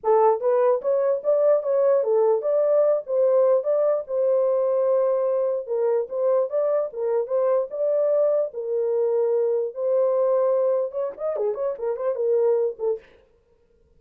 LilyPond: \new Staff \with { instrumentName = "horn" } { \time 4/4 \tempo 4 = 148 a'4 b'4 cis''4 d''4 | cis''4 a'4 d''4. c''8~ | c''4 d''4 c''2~ | c''2 ais'4 c''4 |
d''4 ais'4 c''4 d''4~ | d''4 ais'2. | c''2. cis''8 dis''8 | gis'8 cis''8 ais'8 c''8 ais'4. a'8 | }